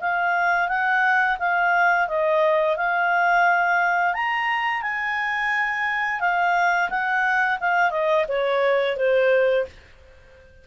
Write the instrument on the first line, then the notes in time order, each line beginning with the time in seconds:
clarinet
0.00 F5
0.68 F#5
1.39 F5
2.08 D#5
2.76 F5
4.14 A#5
4.82 G#5
6.20 F5
6.90 F#5
7.60 F5
7.91 D#5
8.28 C#5
8.97 C5